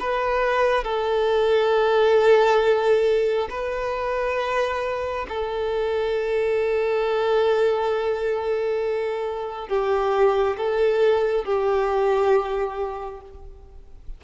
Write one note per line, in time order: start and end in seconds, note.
0.00 0.84 B4
0.84 3.49 A4
3.50 5.27 B4
5.29 9.68 A4
9.68 10.56 G4
10.57 11.45 A4
11.45 13.21 G4